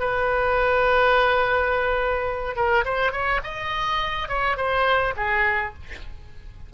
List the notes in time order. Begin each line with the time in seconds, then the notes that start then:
0.00 B4
2.56 A#4
2.85 C5
3.12 C#5
3.44 D#5
4.29 C#5
4.57 C5
5.17 G#4